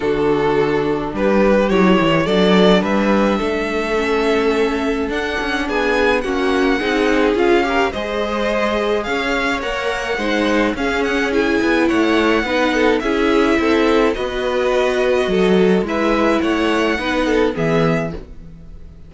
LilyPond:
<<
  \new Staff \with { instrumentName = "violin" } { \time 4/4 \tempo 4 = 106 a'2 b'4 cis''4 | d''4 e''2.~ | e''4 fis''4 gis''4 fis''4~ | fis''4 f''4 dis''2 |
f''4 fis''2 f''8 fis''8 | gis''4 fis''2 e''4~ | e''4 dis''2. | e''4 fis''2 e''4 | }
  \new Staff \with { instrumentName = "violin" } { \time 4/4 fis'2 g'2 | a'4 b'4 a'2~ | a'2 gis'4 fis'4 | gis'4. ais'8 c''2 |
cis''2 c''4 gis'4~ | gis'4 cis''4 b'8 a'8 gis'4 | a'4 b'2 a'4 | b'4 cis''4 b'8 a'8 gis'4 | }
  \new Staff \with { instrumentName = "viola" } { \time 4/4 d'2. e'4 | d'2. cis'4~ | cis'4 d'2 cis'4 | dis'4 f'8 g'8 gis'2~ |
gis'4 ais'4 dis'4 cis'4 | e'2 dis'4 e'4~ | e'4 fis'2. | e'2 dis'4 b4 | }
  \new Staff \with { instrumentName = "cello" } { \time 4/4 d2 g4 fis8 e8 | fis4 g4 a2~ | a4 d'8 cis'8 b4 ais4 | c'4 cis'4 gis2 |
cis'4 ais4 gis4 cis'4~ | cis'8 b8 a4 b4 cis'4 | c'4 b2 fis4 | gis4 a4 b4 e4 | }
>>